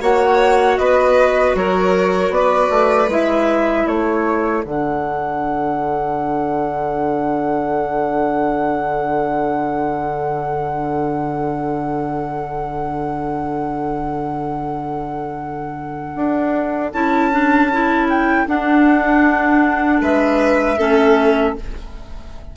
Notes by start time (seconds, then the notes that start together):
0.00 A#3 F#4 C#5 F#5
0.77 B3 B4 D#5
1.54 F#3 A#4 C#5
2.30 B3 B4 D5
2.69 A3
3.08 G#3 E4 E5
3.86 A3 A4 C#5
4.63 D3 D4 F#5
16.15 D4
16.92 C#4 E4 A5
17.31 D4
17.72 E4
18.09 G5
18.47 D4 F#5
20.01 G#3 B4 E5
20.77 A3 C#4 A4